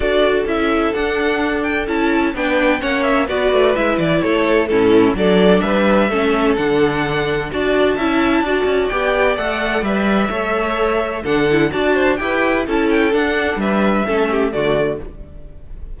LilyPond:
<<
  \new Staff \with { instrumentName = "violin" } { \time 4/4 \tempo 4 = 128 d''4 e''4 fis''4. g''8 | a''4 g''4 fis''8 e''8 d''4 | e''8 d''8 cis''4 a'4 d''4 | e''2 fis''2 |
a''2. g''4 | fis''4 e''2. | fis''4 a''4 g''4 a''8 g''8 | fis''4 e''2 d''4 | }
  \new Staff \with { instrumentName = "violin" } { \time 4/4 a'1~ | a'4 b'4 cis''4 b'4~ | b'4 a'4 e'4 a'4 | b'4 a'2. |
d''4 e''4 d''2~ | d''2 cis''2 | a'4 d''8 c''8 b'4 a'4~ | a'4 b'4 a'8 g'8 fis'4 | }
  \new Staff \with { instrumentName = "viola" } { \time 4/4 fis'4 e'4 d'2 | e'4 d'4 cis'4 fis'4 | e'2 cis'4 d'4~ | d'4 cis'4 d'2 |
fis'4 e'4 fis'4 g'4 | a'4 b'4 a'2 | d'8 e'8 fis'4 g'4 e'4 | d'2 cis'4 a4 | }
  \new Staff \with { instrumentName = "cello" } { \time 4/4 d'4 cis'4 d'2 | cis'4 b4 ais4 b8 a8 | gis8 e8 a4 a,4 fis4 | g4 a4 d2 |
d'4 cis'4 d'8 cis'8 b4 | a4 g4 a2 | d4 d'4 e'4 cis'4 | d'4 g4 a4 d4 | }
>>